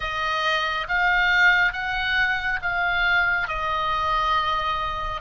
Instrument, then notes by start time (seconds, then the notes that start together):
oboe
0.00 D#5
0.88 F5
1.72 F#5
2.62 F5
3.48 D#5